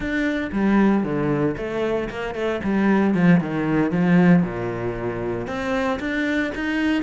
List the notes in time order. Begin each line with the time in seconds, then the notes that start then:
0.00 D4
0.51 G3
1.03 D3
1.57 A3
2.09 A#3
2.34 A3
2.63 G3
3.14 F3
3.40 D#3
3.91 F3
4.42 A#2
5.47 C4
5.99 D4
6.55 D#4